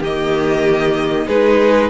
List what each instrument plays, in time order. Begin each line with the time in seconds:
0.00 cello D#3, viola A#3, violin G4 D#5
1.27 cello G#3, viola D#4, violin G#4 B4